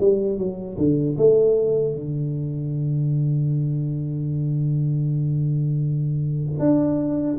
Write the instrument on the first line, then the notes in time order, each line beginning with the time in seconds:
tuba
0.00 G3
0.38 F#3
0.78 D3
1.18 A3
1.95 D3
6.59 D4